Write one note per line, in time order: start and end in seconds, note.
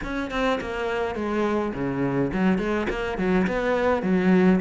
0.03 0.30 C#4
0.30 0.59 C4
0.61 1.15 A#3
1.15 1.72 G#3
1.73 2.31 C#3
2.33 2.58 F#3
2.58 2.87 G#3
2.89 3.17 A#3
3.17 3.46 F#3
3.47 4.02 B3
4.02 4.59 F#3